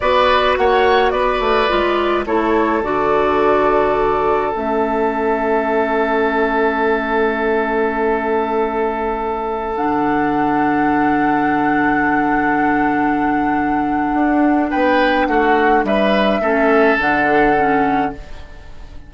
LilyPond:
<<
  \new Staff \with { instrumentName = "flute" } { \time 4/4 \tempo 4 = 106 d''4 fis''4 d''2 | cis''4 d''2. | e''1~ | e''1~ |
e''4~ e''16 fis''2~ fis''8.~ | fis''1~ | fis''2 g''4 fis''4 | e''2 fis''2 | }
  \new Staff \with { instrumentName = "oboe" } { \time 4/4 b'4 cis''4 b'2 | a'1~ | a'1~ | a'1~ |
a'1~ | a'1~ | a'2 b'4 fis'4 | b'4 a'2. | }
  \new Staff \with { instrumentName = "clarinet" } { \time 4/4 fis'2. f'4 | e'4 fis'2. | cis'1~ | cis'1~ |
cis'4~ cis'16 d'2~ d'8.~ | d'1~ | d'1~ | d'4 cis'4 d'4 cis'4 | }
  \new Staff \with { instrumentName = "bassoon" } { \time 4/4 b4 ais4 b8 a8 gis4 | a4 d2. | a1~ | a1~ |
a4~ a16 d2~ d8.~ | d1~ | d4 d'4 b4 a4 | g4 a4 d2 | }
>>